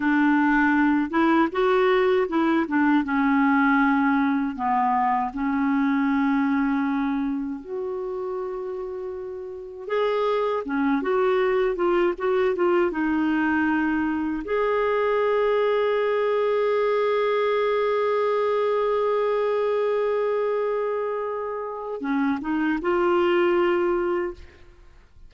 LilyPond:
\new Staff \with { instrumentName = "clarinet" } { \time 4/4 \tempo 4 = 79 d'4. e'8 fis'4 e'8 d'8 | cis'2 b4 cis'4~ | cis'2 fis'2~ | fis'4 gis'4 cis'8 fis'4 f'8 |
fis'8 f'8 dis'2 gis'4~ | gis'1~ | gis'1~ | gis'4 cis'8 dis'8 f'2 | }